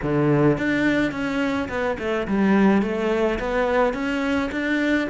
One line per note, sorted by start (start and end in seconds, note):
0.02 0.57 D3
0.57 1.11 D4
1.11 1.68 C#4
1.68 1.97 B3
1.99 2.27 A3
2.27 2.81 G3
2.81 3.38 A3
3.39 3.93 B3
3.93 4.50 C#4
4.51 5.08 D4